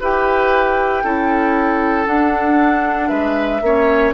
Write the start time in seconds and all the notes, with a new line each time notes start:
0.00 E4 G4 B4 G5
1.03 C#4 E4 A4
2.05 D4 F#5
3.08 G#3 B4 E5
3.61 A#3 C#4 C#5